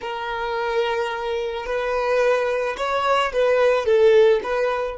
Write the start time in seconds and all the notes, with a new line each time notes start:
0.01 A#4
1.65 B4
2.77 C#5
3.32 B4
3.85 A4
4.43 B4